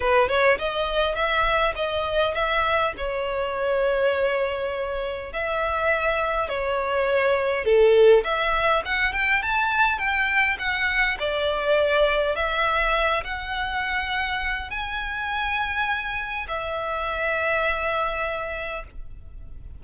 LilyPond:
\new Staff \with { instrumentName = "violin" } { \time 4/4 \tempo 4 = 102 b'8 cis''8 dis''4 e''4 dis''4 | e''4 cis''2.~ | cis''4 e''2 cis''4~ | cis''4 a'4 e''4 fis''8 g''8 |
a''4 g''4 fis''4 d''4~ | d''4 e''4. fis''4.~ | fis''4 gis''2. | e''1 | }